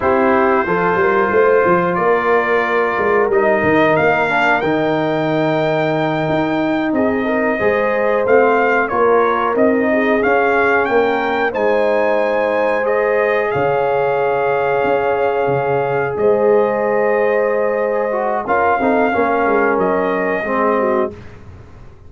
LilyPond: <<
  \new Staff \with { instrumentName = "trumpet" } { \time 4/4 \tempo 4 = 91 c''2. d''4~ | d''4 dis''4 f''4 g''4~ | g''2~ g''8 dis''4.~ | dis''8 f''4 cis''4 dis''4 f''8~ |
f''8 g''4 gis''2 dis''8~ | dis''8 f''2.~ f''8~ | f''8 dis''2.~ dis''8 | f''2 dis''2 | }
  \new Staff \with { instrumentName = "horn" } { \time 4/4 g'4 a'8 ais'8 c''4 ais'4~ | ais'1~ | ais'2~ ais'8 gis'8 ais'8 c''8~ | c''4. ais'4. gis'4~ |
gis'8 ais'4 c''2~ c''8~ | c''8 cis''2.~ cis''8~ | cis''8 c''2.~ c''8 | ais'8 a'8 ais'2 gis'8 fis'8 | }
  \new Staff \with { instrumentName = "trombone" } { \time 4/4 e'4 f'2.~ | f'4 dis'4. d'8 dis'4~ | dis'2.~ dis'8 gis'8~ | gis'8 c'4 f'4 dis'4 cis'8~ |
cis'4. dis'2 gis'8~ | gis'1~ | gis'2.~ gis'8 fis'8 | f'8 dis'8 cis'2 c'4 | }
  \new Staff \with { instrumentName = "tuba" } { \time 4/4 c'4 f8 g8 a8 f8 ais4~ | ais8 gis8 g8 dis8 ais4 dis4~ | dis4. dis'4 c'4 gis8~ | gis8 a4 ais4 c'4 cis'8~ |
cis'8 ais4 gis2~ gis8~ | gis8 cis2 cis'4 cis8~ | cis8 gis2.~ gis8 | cis'8 c'8 ais8 gis8 fis4 gis4 | }
>>